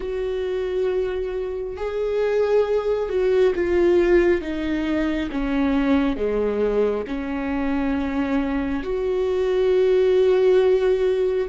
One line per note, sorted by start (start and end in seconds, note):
0.00 1.76 F#4
1.76 3.09 G#4
3.09 3.53 F#4
3.55 4.41 F4
4.41 5.29 D#4
5.31 6.16 C#4
6.16 7.04 G#3
7.07 8.83 C#4
8.83 11.47 F#4